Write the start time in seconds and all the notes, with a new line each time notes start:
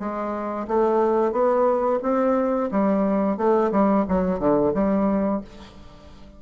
0.00 G#3
0.68 A3
1.32 B3
2.03 C4
2.72 G3
3.38 A3
3.72 G3
4.09 F#3
4.40 D3
4.75 G3